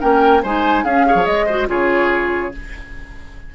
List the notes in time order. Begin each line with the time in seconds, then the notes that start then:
0.00 A#3 C#4 A#4 G5
0.43 G#3 D#4 C5 G#5
0.84 C#4 G#4 F5
1.06 G#4 C#5
1.15 F3
1.26 G#3 D#5
1.46 F#4 C5
1.68 C#3 F4 G#4 C#5